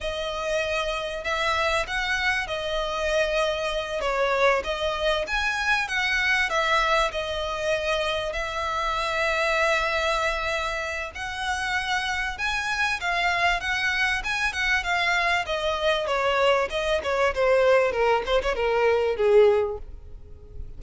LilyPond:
\new Staff \with { instrumentName = "violin" } { \time 4/4 \tempo 4 = 97 dis''2 e''4 fis''4 | dis''2~ dis''8 cis''4 dis''8~ | dis''8 gis''4 fis''4 e''4 dis''8~ | dis''4. e''2~ e''8~ |
e''2 fis''2 | gis''4 f''4 fis''4 gis''8 fis''8 | f''4 dis''4 cis''4 dis''8 cis''8 | c''4 ais'8 c''16 cis''16 ais'4 gis'4 | }